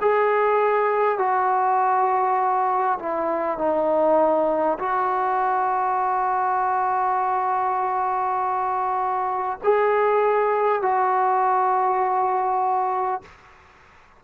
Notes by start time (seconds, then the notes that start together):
0.00 G#4
1.18 F#4
2.99 E4
3.58 D#4
4.78 F#4
9.63 G#4
10.82 F#4